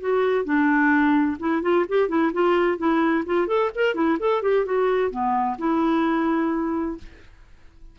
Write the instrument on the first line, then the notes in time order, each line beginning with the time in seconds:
clarinet
0.00 F#4
0.44 D4
1.39 E4
1.62 F4
1.89 G4
2.09 E4
2.33 F4
2.78 E4
3.26 F4
3.47 A4
3.75 A#4
3.95 E4
4.19 A4
4.42 G4
4.65 F#4
5.10 B3
5.58 E4